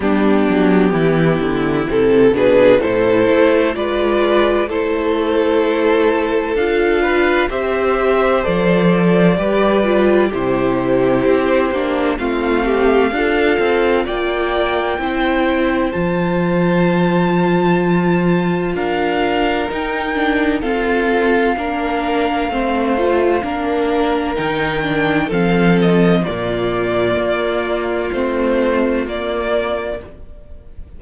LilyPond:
<<
  \new Staff \with { instrumentName = "violin" } { \time 4/4 \tempo 4 = 64 g'2 a'8 b'8 c''4 | d''4 c''2 f''4 | e''4 d''2 c''4~ | c''4 f''2 g''4~ |
g''4 a''2. | f''4 g''4 f''2~ | f''2 g''4 f''8 dis''8 | d''2 c''4 d''4 | }
  \new Staff \with { instrumentName = "violin" } { \time 4/4 d'4 e'4. gis'8 a'4 | b'4 a'2~ a'8 b'8 | c''2 b'4 g'4~ | g'4 f'8 g'8 a'4 d''4 |
c''1 | ais'2 a'4 ais'4 | c''4 ais'2 a'4 | f'1 | }
  \new Staff \with { instrumentName = "viola" } { \time 4/4 b2 c'8 d'8 e'4 | f'4 e'2 f'4 | g'4 a'4 g'8 f'8 e'4~ | e'8 d'8 c'4 f'2 |
e'4 f'2.~ | f'4 dis'8 d'8 c'4 d'4 | c'8 f'8 d'4 dis'8 d'8 c'4 | ais2 c'4 ais4 | }
  \new Staff \with { instrumentName = "cello" } { \time 4/4 g8 fis8 e8 d8 c8 b,8 a,8 a8 | gis4 a2 d'4 | c'4 f4 g4 c4 | c'8 ais8 a4 d'8 c'8 ais4 |
c'4 f2. | d'4 dis'4 f'4 ais4 | a4 ais4 dis4 f4 | ais,4 ais4 a4 ais4 | }
>>